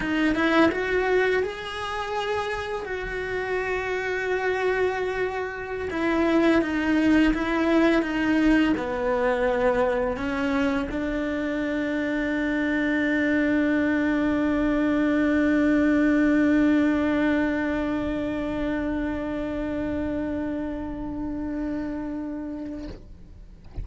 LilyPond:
\new Staff \with { instrumentName = "cello" } { \time 4/4 \tempo 4 = 84 dis'8 e'8 fis'4 gis'2 | fis'1~ | fis'16 e'4 dis'4 e'4 dis'8.~ | dis'16 b2 cis'4 d'8.~ |
d'1~ | d'1~ | d'1~ | d'1 | }